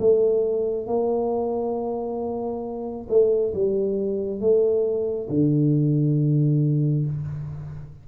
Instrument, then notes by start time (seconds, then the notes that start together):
tuba
0.00 A3
0.87 A#3
3.09 A3
3.55 G3
4.41 A3
5.29 D3